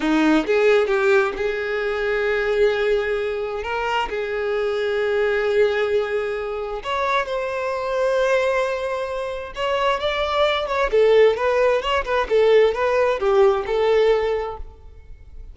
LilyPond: \new Staff \with { instrumentName = "violin" } { \time 4/4 \tempo 4 = 132 dis'4 gis'4 g'4 gis'4~ | gis'1 | ais'4 gis'2.~ | gis'2. cis''4 |
c''1~ | c''4 cis''4 d''4. cis''8 | a'4 b'4 cis''8 b'8 a'4 | b'4 g'4 a'2 | }